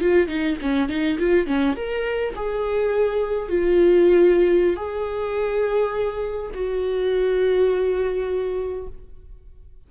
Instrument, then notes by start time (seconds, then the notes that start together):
viola
0.00 F4
0.27 D#4
0.61 C#4
0.88 D#4
1.18 F4
1.46 C#4
1.76 A#4
2.35 G#4
3.48 F4
4.76 G#4
6.53 F#4